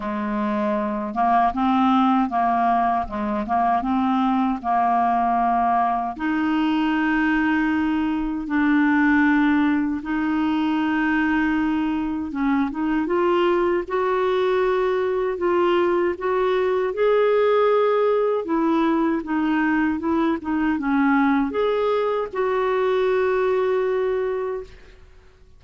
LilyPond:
\new Staff \with { instrumentName = "clarinet" } { \time 4/4 \tempo 4 = 78 gis4. ais8 c'4 ais4 | gis8 ais8 c'4 ais2 | dis'2. d'4~ | d'4 dis'2. |
cis'8 dis'8 f'4 fis'2 | f'4 fis'4 gis'2 | e'4 dis'4 e'8 dis'8 cis'4 | gis'4 fis'2. | }